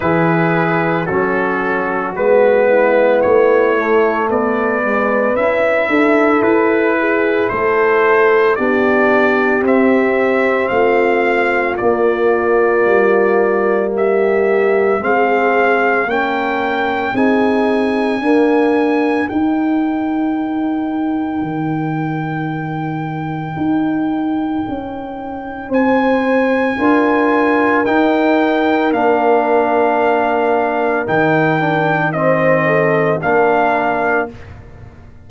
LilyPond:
<<
  \new Staff \with { instrumentName = "trumpet" } { \time 4/4 \tempo 4 = 56 b'4 a'4 b'4 cis''4 | d''4 e''4 b'4 c''4 | d''4 e''4 f''4 d''4~ | d''4 e''4 f''4 g''4 |
gis''2 g''2~ | g''1 | gis''2 g''4 f''4~ | f''4 g''4 dis''4 f''4 | }
  \new Staff \with { instrumentName = "horn" } { \time 4/4 gis'4 fis'4. e'4. | b'4. a'4 gis'8 a'4 | g'2 f'2~ | f'4 g'4 gis'4 ais'4 |
gis'4 ais'2.~ | ais'1 | c''4 ais'2.~ | ais'2 c''8 a'8 ais'4 | }
  \new Staff \with { instrumentName = "trombone" } { \time 4/4 e'4 cis'4 b4. a8~ | a8 gis8 e'2. | d'4 c'2 ais4~ | ais2 c'4 cis'4 |
dis'4 ais4 dis'2~ | dis'1~ | dis'4 f'4 dis'4 d'4~ | d'4 dis'8 d'8 c'4 d'4 | }
  \new Staff \with { instrumentName = "tuba" } { \time 4/4 e4 fis4 gis4 a4 | b4 cis'8 d'8 e'4 a4 | b4 c'4 a4 ais4 | g2 gis4 ais4 |
c'4 d'4 dis'2 | dis2 dis'4 cis'4 | c'4 d'4 dis'4 ais4~ | ais4 dis2 ais4 | }
>>